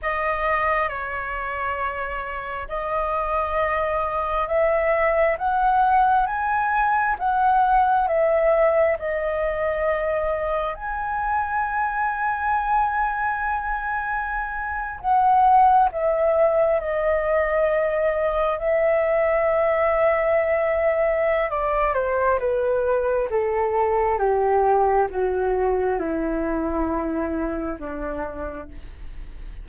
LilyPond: \new Staff \with { instrumentName = "flute" } { \time 4/4 \tempo 4 = 67 dis''4 cis''2 dis''4~ | dis''4 e''4 fis''4 gis''4 | fis''4 e''4 dis''2 | gis''1~ |
gis''8. fis''4 e''4 dis''4~ dis''16~ | dis''8. e''2.~ e''16 | d''8 c''8 b'4 a'4 g'4 | fis'4 e'2 d'4 | }